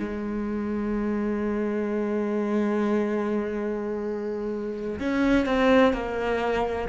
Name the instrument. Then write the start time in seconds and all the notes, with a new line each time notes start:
cello
0.00 G#3
5.00 C#4
5.47 C4
5.94 A#3